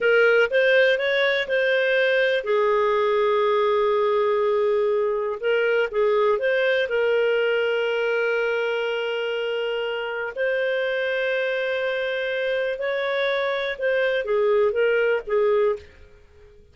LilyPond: \new Staff \with { instrumentName = "clarinet" } { \time 4/4 \tempo 4 = 122 ais'4 c''4 cis''4 c''4~ | c''4 gis'2.~ | gis'2. ais'4 | gis'4 c''4 ais'2~ |
ais'1~ | ais'4 c''2.~ | c''2 cis''2 | c''4 gis'4 ais'4 gis'4 | }